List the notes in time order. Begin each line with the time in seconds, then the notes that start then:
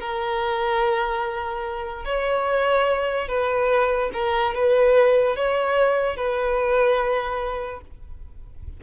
0.00 A#4
2.05 C#5
3.28 B4
4.13 A#4
4.54 B4
5.36 C#5
6.16 B4